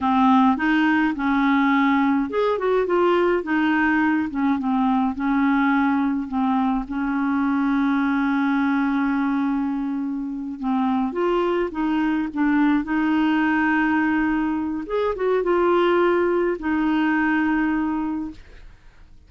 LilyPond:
\new Staff \with { instrumentName = "clarinet" } { \time 4/4 \tempo 4 = 105 c'4 dis'4 cis'2 | gis'8 fis'8 f'4 dis'4. cis'8 | c'4 cis'2 c'4 | cis'1~ |
cis'2~ cis'8 c'4 f'8~ | f'8 dis'4 d'4 dis'4.~ | dis'2 gis'8 fis'8 f'4~ | f'4 dis'2. | }